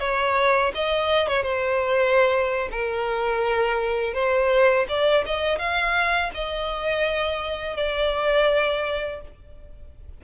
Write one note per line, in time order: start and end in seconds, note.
0.00 0.72 C#5
0.75 1.27 D#5
1.27 1.43 C#5
1.43 2.69 C5
2.71 4.14 A#4
4.14 4.86 C5
4.89 5.25 D5
5.26 5.59 D#5
5.59 6.31 F5
6.35 7.77 D#5
7.77 9.21 D5